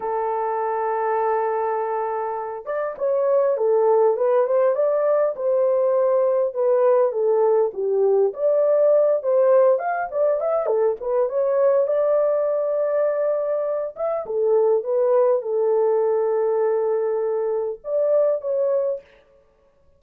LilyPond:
\new Staff \with { instrumentName = "horn" } { \time 4/4 \tempo 4 = 101 a'1~ | a'8 d''8 cis''4 a'4 b'8 c''8 | d''4 c''2 b'4 | a'4 g'4 d''4. c''8~ |
c''8 f''8 d''8 e''8 a'8 b'8 cis''4 | d''2.~ d''8 e''8 | a'4 b'4 a'2~ | a'2 d''4 cis''4 | }